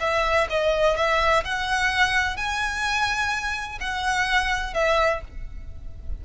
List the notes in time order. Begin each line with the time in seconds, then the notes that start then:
0.00 E5
0.50 D#5
0.96 E5
1.45 F#5
2.36 G#5
3.80 F#5
4.74 E5